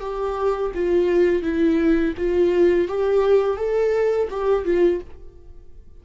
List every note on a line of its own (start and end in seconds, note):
0.00 0.71 G4
0.74 1.43 F4
1.43 2.14 E4
2.17 2.88 F4
2.88 3.57 G4
3.57 4.28 A4
4.30 4.65 G4
4.65 5.00 F4